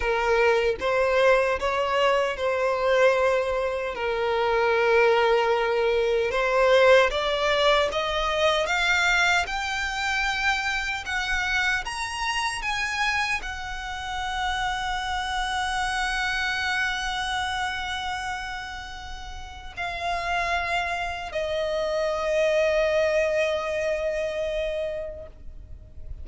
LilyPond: \new Staff \with { instrumentName = "violin" } { \time 4/4 \tempo 4 = 76 ais'4 c''4 cis''4 c''4~ | c''4 ais'2. | c''4 d''4 dis''4 f''4 | g''2 fis''4 ais''4 |
gis''4 fis''2.~ | fis''1~ | fis''4 f''2 dis''4~ | dis''1 | }